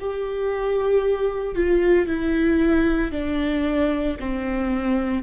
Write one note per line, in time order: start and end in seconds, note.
0.00 1.56 G4
1.56 2.08 F4
2.08 3.12 E4
3.12 4.17 D4
4.20 5.23 C4